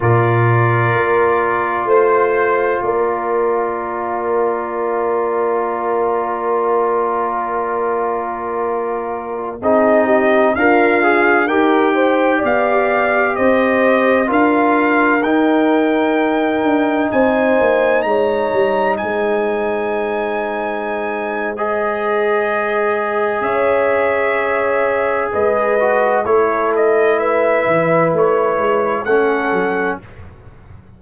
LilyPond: <<
  \new Staff \with { instrumentName = "trumpet" } { \time 4/4 \tempo 4 = 64 d''2 c''4 d''4~ | d''1~ | d''2~ d''16 dis''4 f''8.~ | f''16 g''4 f''4 dis''4 f''8.~ |
f''16 g''2 gis''4 ais''8.~ | ais''16 gis''2~ gis''8. dis''4~ | dis''4 e''2 dis''4 | cis''8 dis''8 e''4 cis''4 fis''4 | }
  \new Staff \with { instrumentName = "horn" } { \time 4/4 ais'2 c''4 ais'4~ | ais'1~ | ais'2~ ais'16 gis'8 g'8 f'8.~ | f'16 ais'8 c''8 d''4 c''4 ais'8.~ |
ais'2~ ais'16 c''4 cis''8.~ | cis''16 c''2.~ c''8.~ | c''4 cis''2 b'4 | a'4 b'2 a'4 | }
  \new Staff \with { instrumentName = "trombone" } { \time 4/4 f'1~ | f'1~ | f'2~ f'16 dis'4 ais'8 gis'16~ | gis'16 g'2. f'8.~ |
f'16 dis'2.~ dis'8.~ | dis'2. gis'4~ | gis'2.~ gis'8 fis'8 | e'2. cis'4 | }
  \new Staff \with { instrumentName = "tuba" } { \time 4/4 ais,4 ais4 a4 ais4~ | ais1~ | ais2~ ais16 c'4 d'8.~ | d'16 dis'4 b4 c'4 d'8.~ |
d'16 dis'4. d'8 c'8 ais8 gis8 g16~ | g16 gis2.~ gis8.~ | gis4 cis'2 gis4 | a4. e8 a8 gis8 a8 fis8 | }
>>